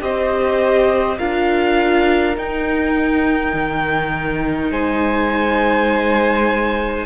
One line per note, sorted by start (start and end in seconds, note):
0.00 1.19 C4
0.00 1.18 G4
0.00 1.18 C5
0.00 1.18 D#5
1.18 2.37 D4
1.18 2.35 F4
1.18 4.71 A#4
1.18 2.36 F5
2.35 7.06 D#4
2.35 3.53 D#4
2.35 4.72 G5
3.53 4.71 D#3
4.71 7.06 G#3
4.71 7.06 C5
4.71 7.06 G#5